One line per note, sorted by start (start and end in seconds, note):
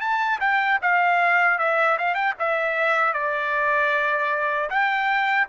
0.00 0.39 A5
0.40 0.79 G5
0.82 1.58 F5
1.58 1.97 E5
1.98 2.14 F5
2.14 2.34 G5
2.39 3.13 E5
3.13 4.69 D5
4.69 5.47 G5